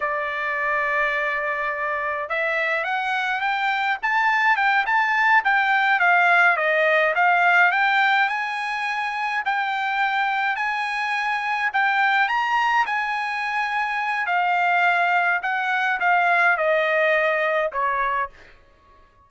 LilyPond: \new Staff \with { instrumentName = "trumpet" } { \time 4/4 \tempo 4 = 105 d''1 | e''4 fis''4 g''4 a''4 | g''8 a''4 g''4 f''4 dis''8~ | dis''8 f''4 g''4 gis''4.~ |
gis''8 g''2 gis''4.~ | gis''8 g''4 ais''4 gis''4.~ | gis''4 f''2 fis''4 | f''4 dis''2 cis''4 | }